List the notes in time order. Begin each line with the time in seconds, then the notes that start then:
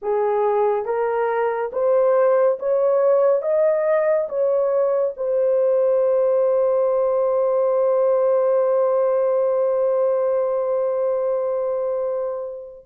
0.02 G#4
0.85 A#4
1.72 C5
2.59 C#5
3.42 D#5
4.29 C#5
5.17 C5